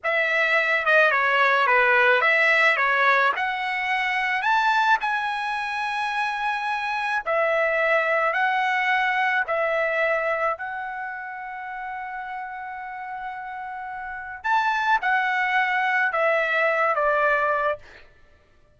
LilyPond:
\new Staff \with { instrumentName = "trumpet" } { \time 4/4 \tempo 4 = 108 e''4. dis''8 cis''4 b'4 | e''4 cis''4 fis''2 | a''4 gis''2.~ | gis''4 e''2 fis''4~ |
fis''4 e''2 fis''4~ | fis''1~ | fis''2 a''4 fis''4~ | fis''4 e''4. d''4. | }